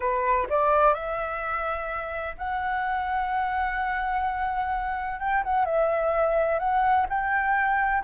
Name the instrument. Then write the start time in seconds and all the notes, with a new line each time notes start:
flute
0.00 B4
0.49 D5
0.93 E5
2.38 F#5
5.19 G5
5.43 F#5
5.65 E5
6.59 F#5
7.09 G5